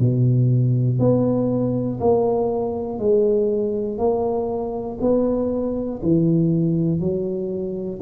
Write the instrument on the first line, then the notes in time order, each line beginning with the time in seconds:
tuba
0.00 B2
1.00 B3
2.01 A#3
2.99 G#3
3.98 A#3
5.01 B3
6.03 E3
7.01 F#3